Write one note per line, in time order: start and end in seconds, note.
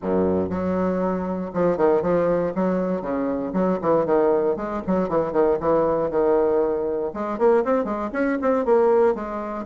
0.02 0.49 F#2
0.49 1.51 F#3
1.53 1.77 F3
1.77 2.02 D#3
2.02 2.53 F3
2.55 3.01 F#3
3.01 3.52 C#3
3.53 3.78 F#3
3.81 4.05 E3
4.05 4.56 D#3
4.56 4.81 G#3
4.86 5.08 F#3
5.08 5.32 E3
5.32 5.57 D#3
5.60 6.10 E3
6.10 7.12 D#3
7.13 7.38 G#3
7.38 7.63 A#3
7.64 7.84 C4
7.84 8.09 G#3
8.12 8.38 C#4
8.41 8.65 C4
8.65 9.15 A#3
9.15 9.65 G#3